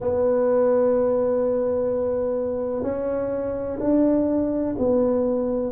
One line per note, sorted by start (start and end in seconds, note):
0.00 2.83 B3
2.83 3.78 C#4
3.80 4.75 D4
4.78 5.72 B3